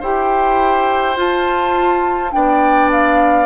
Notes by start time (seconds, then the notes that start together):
0.00 E4 G4 C5 G5
1.16 F4 A5
2.31 B3 D4 D5 G5
2.92 F5